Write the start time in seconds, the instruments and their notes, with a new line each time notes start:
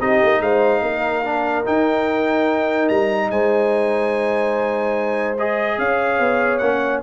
0.00 tuba C4, trombone D#4, horn G4, trumpet D#5
0.22 tuba A#3
0.40 tuba G#3, horn C5, trumpet F5
0.82 tuba A#3, horn A#4
1.24 trombone D4
1.65 trombone D#4, tuba D#4, trumpet G5
2.88 tuba G3, trumpet A#5
3.30 tuba G#3, horn C5, trumpet G#5
5.37 trombone G#4, trumpet D#5
5.78 tuba C#4, horn C#5, trumpet F5
6.19 tuba B3
6.57 tuba A#3, trombone C#4, trumpet F#5